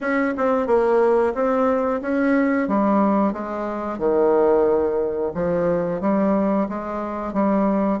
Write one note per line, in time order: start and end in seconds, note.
0.00 0.34 C#4
0.37 0.67 C4
0.67 1.33 A#3
1.34 2.01 C4
2.01 2.68 C#4
2.68 3.32 G3
3.32 3.98 G#3
3.98 5.32 D#3
5.34 6.01 F3
6.01 6.67 G3
6.68 7.33 G#3
7.33 7.99 G3